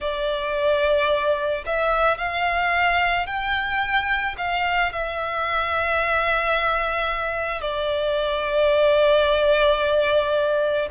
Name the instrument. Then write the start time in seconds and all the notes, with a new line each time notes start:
violin
0.00 D5
1.66 E5
2.17 F5
3.26 G5
4.37 F5
4.92 E5
7.61 D5